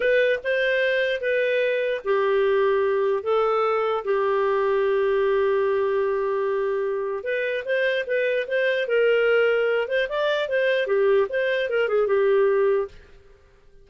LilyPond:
\new Staff \with { instrumentName = "clarinet" } { \time 4/4 \tempo 4 = 149 b'4 c''2 b'4~ | b'4 g'2. | a'2 g'2~ | g'1~ |
g'2 b'4 c''4 | b'4 c''4 ais'2~ | ais'8 c''8 d''4 c''4 g'4 | c''4 ais'8 gis'8 g'2 | }